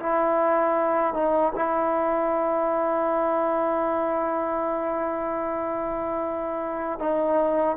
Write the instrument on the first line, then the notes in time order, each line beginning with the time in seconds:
trombone
0.00 E4
1.14 D#4
1.55 E4
6.99 D#4